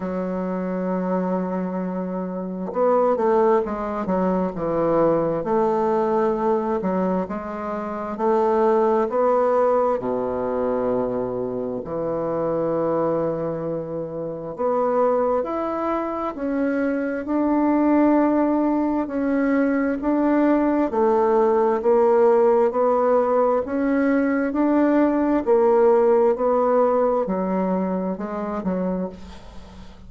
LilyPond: \new Staff \with { instrumentName = "bassoon" } { \time 4/4 \tempo 4 = 66 fis2. b8 a8 | gis8 fis8 e4 a4. fis8 | gis4 a4 b4 b,4~ | b,4 e2. |
b4 e'4 cis'4 d'4~ | d'4 cis'4 d'4 a4 | ais4 b4 cis'4 d'4 | ais4 b4 fis4 gis8 fis8 | }